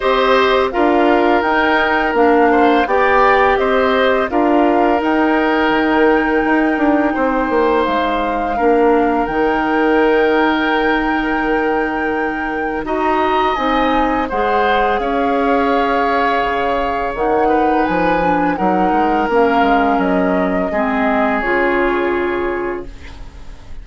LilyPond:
<<
  \new Staff \with { instrumentName = "flute" } { \time 4/4 \tempo 4 = 84 dis''4 f''4 g''4 f''4 | g''4 dis''4 f''4 g''4~ | g''2. f''4~ | f''4 g''2.~ |
g''2 ais''4 gis''4 | fis''4 f''2. | fis''4 gis''4 fis''4 f''4 | dis''2 cis''2 | }
  \new Staff \with { instrumentName = "oboe" } { \time 4/4 c''4 ais'2~ ais'8 c''8 | d''4 c''4 ais'2~ | ais'2 c''2 | ais'1~ |
ais'2 dis''2 | c''4 cis''2.~ | cis''8 b'4. ais'2~ | ais'4 gis'2. | }
  \new Staff \with { instrumentName = "clarinet" } { \time 4/4 g'4 f'4 dis'4 d'4 | g'2 f'4 dis'4~ | dis'1 | d'4 dis'2.~ |
dis'2 fis'4 dis'4 | gis'1 | dis'4. d'8 dis'4 cis'4~ | cis'4 c'4 f'2 | }
  \new Staff \with { instrumentName = "bassoon" } { \time 4/4 c'4 d'4 dis'4 ais4 | b4 c'4 d'4 dis'4 | dis4 dis'8 d'8 c'8 ais8 gis4 | ais4 dis2.~ |
dis2 dis'4 c'4 | gis4 cis'2 cis4 | dis4 f4 fis8 gis8 ais8 gis8 | fis4 gis4 cis2 | }
>>